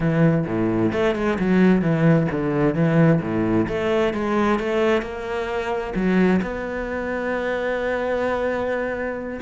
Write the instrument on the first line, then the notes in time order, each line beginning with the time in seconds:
cello
0.00 E3
0.46 A2
0.92 A3
1.15 G#3
1.39 F#3
1.81 E3
2.31 D3
2.74 E3
3.21 A2
3.67 A3
4.13 G#3
4.59 A3
5.02 A#3
5.95 F#3
6.42 B3